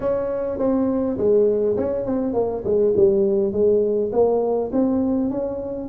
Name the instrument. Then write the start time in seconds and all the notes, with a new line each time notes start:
tuba
0.00 C#4
0.58 C4
1.17 G#3
1.76 C#4
2.05 C4
2.33 A#3
2.64 G#3
2.96 G3
3.52 G#3
4.12 A#3
4.72 C4
5.30 C#4